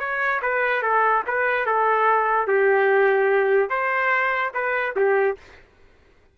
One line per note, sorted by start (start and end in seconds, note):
0.00 0.41 C#5
0.42 0.83 B4
0.83 1.24 A4
1.27 1.66 B4
1.66 2.47 A4
2.47 3.70 G4
3.70 4.52 C5
4.54 4.95 B4
4.96 5.37 G4